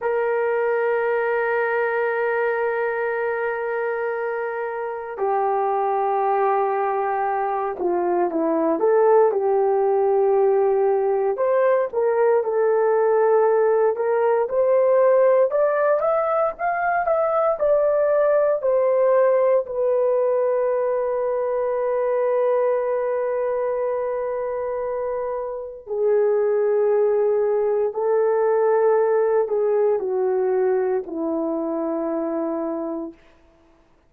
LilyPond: \new Staff \with { instrumentName = "horn" } { \time 4/4 \tempo 4 = 58 ais'1~ | ais'4 g'2~ g'8 f'8 | e'8 a'8 g'2 c''8 ais'8 | a'4. ais'8 c''4 d''8 e''8 |
f''8 e''8 d''4 c''4 b'4~ | b'1~ | b'4 gis'2 a'4~ | a'8 gis'8 fis'4 e'2 | }